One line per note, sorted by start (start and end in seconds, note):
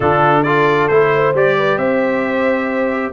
0.00 0.89 D3
0.00 0.45 D4
0.00 0.44 F4
0.00 0.43 A4
0.43 0.89 F4
0.43 1.12 A4
0.43 0.88 D5
0.88 1.34 A3
0.88 1.35 E4
0.88 1.33 C5
1.13 1.57 C5
1.34 1.77 G3
1.34 3.12 G4
1.34 1.77 D5
1.57 1.79 B4
1.77 3.11 C4
1.77 3.12 C5
1.77 3.12 E5